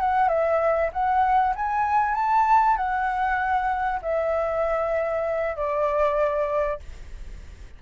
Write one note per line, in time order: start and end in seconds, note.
0.00 0.28 F#5
0.28 0.90 E5
0.93 1.54 F#5
1.55 2.15 G#5
2.15 2.76 A5
2.76 4.00 F#5
4.02 5.56 E5
5.56 6.80 D5